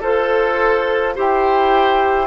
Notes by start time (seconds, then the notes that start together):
0.00 F4 A4 C5
1.15 E4 G4 C5 G5